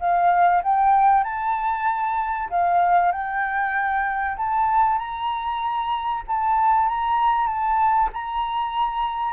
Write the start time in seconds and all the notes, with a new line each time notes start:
0.00 F5
0.63 G5
1.24 A5
2.50 F5
3.12 G5
4.37 A5
4.99 A#5
6.28 A5
6.88 A#5
7.47 A5
8.13 A#5